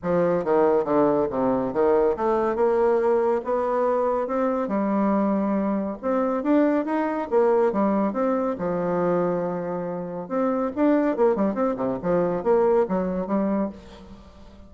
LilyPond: \new Staff \with { instrumentName = "bassoon" } { \time 4/4 \tempo 4 = 140 f4 dis4 d4 c4 | dis4 a4 ais2 | b2 c'4 g4~ | g2 c'4 d'4 |
dis'4 ais4 g4 c'4 | f1 | c'4 d'4 ais8 g8 c'8 c8 | f4 ais4 fis4 g4 | }